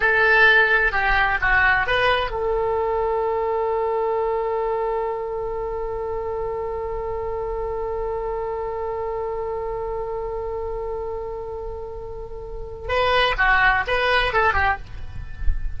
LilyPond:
\new Staff \with { instrumentName = "oboe" } { \time 4/4 \tempo 4 = 130 a'2 g'4 fis'4 | b'4 a'2.~ | a'1~ | a'1~ |
a'1~ | a'1~ | a'1 | b'4 fis'4 b'4 a'8 g'8 | }